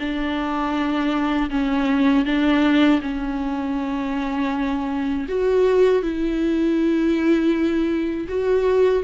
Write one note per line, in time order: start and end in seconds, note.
0.00 1.50 D4
1.50 2.25 C#4
2.26 3.01 D4
3.02 5.27 C#4
5.29 6.03 F#4
6.03 8.28 E4
8.28 9.03 F#4